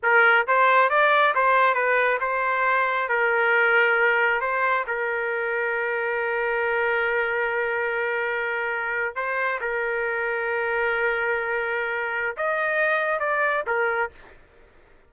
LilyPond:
\new Staff \with { instrumentName = "trumpet" } { \time 4/4 \tempo 4 = 136 ais'4 c''4 d''4 c''4 | b'4 c''2 ais'4~ | ais'2 c''4 ais'4~ | ais'1~ |
ais'1~ | ais'8. c''4 ais'2~ ais'16~ | ais'1 | dis''2 d''4 ais'4 | }